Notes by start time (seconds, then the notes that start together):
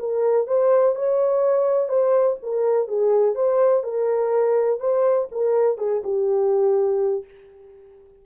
0.00 A#4
0.47 C5
0.96 C#5
1.89 C5
2.43 A#4
2.89 G#4
3.35 C5
3.84 A#4
4.80 C5
5.32 A#4
5.78 G#4
6.04 G4